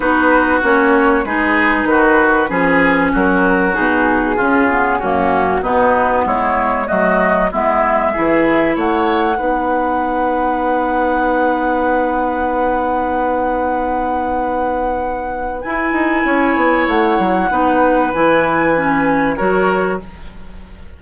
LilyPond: <<
  \new Staff \with { instrumentName = "flute" } { \time 4/4 \tempo 4 = 96 b'4 cis''4 b'2~ | b'4 ais'4 gis'2 | fis'4 b'4 cis''4 dis''4 | e''2 fis''2~ |
fis''1~ | fis''1~ | fis''4 gis''2 fis''4~ | fis''4 gis''2 cis''4 | }
  \new Staff \with { instrumentName = "oboe" } { \time 4/4 fis'2 gis'4 fis'4 | gis'4 fis'2 f'4 | cis'4 dis'4 e'4 fis'4 | e'4 gis'4 cis''4 b'4~ |
b'1~ | b'1~ | b'2 cis''2 | b'2. ais'4 | }
  \new Staff \with { instrumentName = "clarinet" } { \time 4/4 dis'4 cis'4 dis'2 | cis'2 dis'4 cis'8 b8 | ais4 b2 a4 | b4 e'2 dis'4~ |
dis'1~ | dis'1~ | dis'4 e'2. | dis'4 e'4 cis'4 fis'4 | }
  \new Staff \with { instrumentName = "bassoon" } { \time 4/4 b4 ais4 gis4 dis4 | f4 fis4 b,4 cis4 | fis,4 b,4 gis4 fis4 | gis4 e4 a4 b4~ |
b1~ | b1~ | b4 e'8 dis'8 cis'8 b8 a8 fis8 | b4 e2 fis4 | }
>>